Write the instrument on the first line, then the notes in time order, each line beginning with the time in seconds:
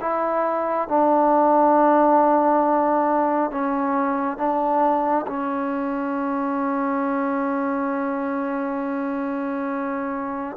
trombone
0.00 E4
0.88 D4
3.51 C#4
4.37 D4
5.27 C#4